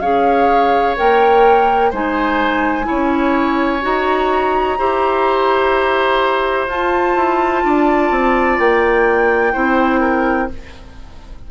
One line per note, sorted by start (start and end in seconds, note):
0.00 0.96 C#4
0.00 0.96 G#4
0.00 1.91 C#5
0.00 0.95 F5
0.96 1.93 A#3
0.96 1.92 A#4
0.96 1.93 G5
1.91 2.88 G#3
1.91 2.84 D#4
1.91 2.86 C5
1.91 3.85 G#5
2.84 3.79 E4
2.84 4.79 C#5
2.91 3.84 C#4
3.82 4.79 D#4
3.82 4.77 F#4
3.82 6.70 A#5
4.79 6.68 E4
4.79 6.69 G4
4.79 7.64 C5
6.68 7.15 F4
6.68 9.54 F4
6.68 8.60 A5
7.16 7.63 E4
7.64 8.11 D4
7.64 9.53 D5
8.11 8.59 C4
8.59 9.54 A#3
8.59 10.50 G5
9.53 10.51 C4
9.53 10.49 E4
9.53 10.00 C5
10.00 10.48 A#4